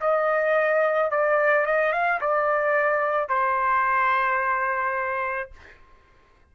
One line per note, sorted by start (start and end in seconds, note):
0.00 1.10 D#5
1.10 1.66 D5
1.66 1.92 D#5
1.92 2.20 F5
2.20 3.28 D5
3.28 5.51 C5